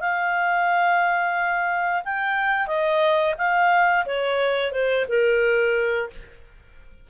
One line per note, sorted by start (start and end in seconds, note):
0.00 2.02 F5
2.04 2.67 G5
2.67 3.34 D#5
3.38 4.05 F5
4.05 4.72 C#5
4.72 5.05 C5
5.08 6.09 A#4